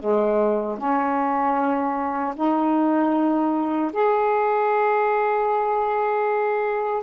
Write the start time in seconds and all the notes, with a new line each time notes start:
0.00 G#3
0.78 C#4
2.36 D#4
3.92 G#4